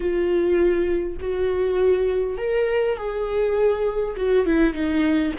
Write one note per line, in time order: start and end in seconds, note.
0.00 1.17 F4
1.20 2.37 F#4
2.37 2.96 A#4
2.96 4.15 G#4
4.16 4.45 F#4
4.45 4.73 E4
4.73 5.32 D#4